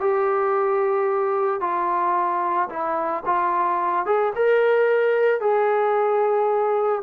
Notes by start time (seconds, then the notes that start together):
0.00 G4
1.60 F4
2.69 E4
3.26 F4
4.06 G#4
4.35 A#4
5.41 G#4